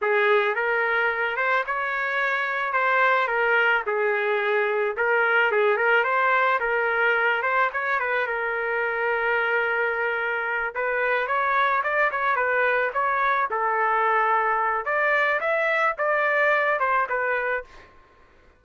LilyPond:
\new Staff \with { instrumentName = "trumpet" } { \time 4/4 \tempo 4 = 109 gis'4 ais'4. c''8 cis''4~ | cis''4 c''4 ais'4 gis'4~ | gis'4 ais'4 gis'8 ais'8 c''4 | ais'4. c''8 cis''8 b'8 ais'4~ |
ais'2.~ ais'8 b'8~ | b'8 cis''4 d''8 cis''8 b'4 cis''8~ | cis''8 a'2~ a'8 d''4 | e''4 d''4. c''8 b'4 | }